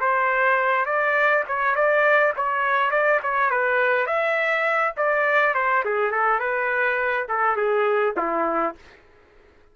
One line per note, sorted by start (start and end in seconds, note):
0.00 0.85 C5
0.85 1.44 D5
1.47 1.75 C#5
1.75 2.33 D5
2.36 2.90 C#5
2.90 3.20 D5
3.23 3.50 C#5
3.50 4.06 B4
4.06 4.94 E5
4.96 5.54 D5
5.54 5.83 C5
5.84 6.11 G#4
6.11 6.39 A4
6.39 7.27 B4
7.28 7.56 A4
7.56 8.14 G#4
8.16 8.75 E4